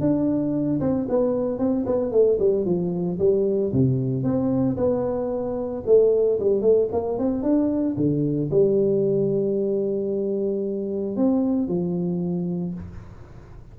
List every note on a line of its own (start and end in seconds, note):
0.00 0.80 D4
0.80 1.07 C4
1.09 1.58 B3
1.58 1.85 C4
1.86 2.12 B3
2.12 2.38 A3
2.39 2.65 G3
2.65 3.18 F3
3.19 3.72 G3
3.73 4.23 C3
4.23 4.76 C4
4.77 5.83 B3
5.86 6.39 A3
6.40 6.62 G3
6.62 6.88 A3
6.92 7.18 A#3
7.18 7.43 C4
7.43 7.96 D4
7.96 8.50 D3
8.51 11.16 G3
11.16 11.68 C4
11.68 12.74 F3